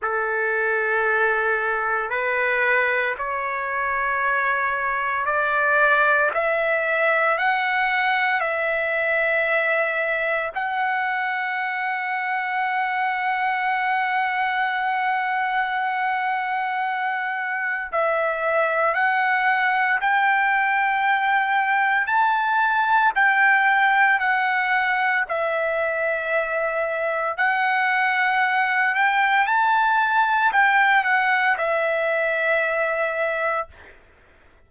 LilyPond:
\new Staff \with { instrumentName = "trumpet" } { \time 4/4 \tempo 4 = 57 a'2 b'4 cis''4~ | cis''4 d''4 e''4 fis''4 | e''2 fis''2~ | fis''1~ |
fis''4 e''4 fis''4 g''4~ | g''4 a''4 g''4 fis''4 | e''2 fis''4. g''8 | a''4 g''8 fis''8 e''2 | }